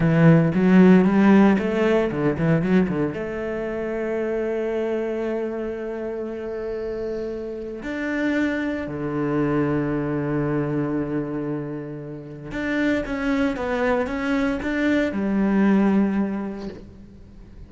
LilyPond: \new Staff \with { instrumentName = "cello" } { \time 4/4 \tempo 4 = 115 e4 fis4 g4 a4 | d8 e8 fis8 d8 a2~ | a1~ | a2. d'4~ |
d'4 d2.~ | d1 | d'4 cis'4 b4 cis'4 | d'4 g2. | }